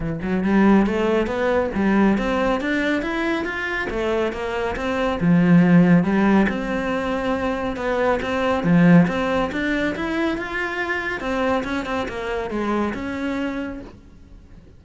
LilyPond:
\new Staff \with { instrumentName = "cello" } { \time 4/4 \tempo 4 = 139 e8 fis8 g4 a4 b4 | g4 c'4 d'4 e'4 | f'4 a4 ais4 c'4 | f2 g4 c'4~ |
c'2 b4 c'4 | f4 c'4 d'4 e'4 | f'2 c'4 cis'8 c'8 | ais4 gis4 cis'2 | }